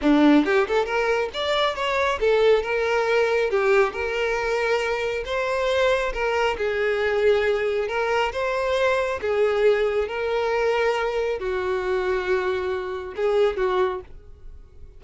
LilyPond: \new Staff \with { instrumentName = "violin" } { \time 4/4 \tempo 4 = 137 d'4 g'8 a'8 ais'4 d''4 | cis''4 a'4 ais'2 | g'4 ais'2. | c''2 ais'4 gis'4~ |
gis'2 ais'4 c''4~ | c''4 gis'2 ais'4~ | ais'2 fis'2~ | fis'2 gis'4 fis'4 | }